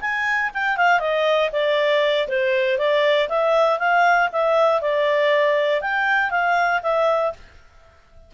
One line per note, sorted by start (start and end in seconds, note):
0.00 0.50 G#5
0.53 0.77 G5
0.77 0.99 F5
0.99 1.50 D#5
1.52 2.28 D5
2.28 2.78 C5
2.78 3.28 D5
3.28 3.79 E5
3.79 4.29 F5
4.32 4.81 E5
4.81 5.81 D5
5.81 6.30 G5
6.30 6.80 F5
6.82 7.33 E5